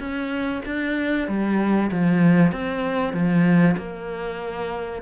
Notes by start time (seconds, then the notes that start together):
0.00 C#4
0.66 D4
1.28 G3
1.92 F3
2.53 C4
3.14 F3
3.78 A#3